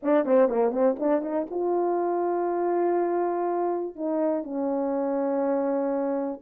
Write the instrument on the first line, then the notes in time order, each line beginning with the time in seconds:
horn
0.02 D4
0.25 C4
0.48 A#3
0.71 C4
0.99 D4
1.21 D#4
1.50 F4
3.95 D#4
4.43 C#4